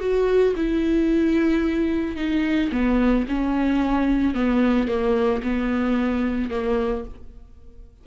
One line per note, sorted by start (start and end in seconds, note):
0.00 0.54 F#4
0.56 2.16 E4
2.16 2.70 D#4
2.72 3.26 B3
3.28 4.34 C#4
4.34 4.88 B3
4.88 5.42 A#3
5.43 6.50 B3
6.50 7.04 A#3